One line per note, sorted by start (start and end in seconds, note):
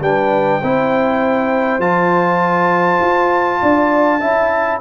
0.00 0.60 G3
0.00 0.61 D4
0.00 0.61 B4
0.00 1.80 G5
0.61 1.78 C4
0.61 1.80 E4
0.61 3.61 C5
1.78 2.98 F3
1.78 4.20 F4
1.78 4.80 A5
3.00 3.60 F4
3.61 4.21 D4
3.61 4.20 D5
4.20 4.80 C#4
4.20 4.80 E4
4.20 4.80 E5